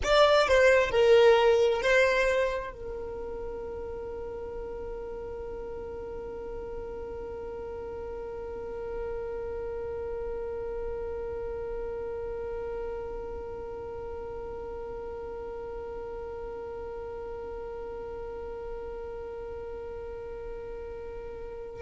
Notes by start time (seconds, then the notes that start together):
0.03 D5
0.48 C5
0.90 A#4
1.82 C5
2.72 A#4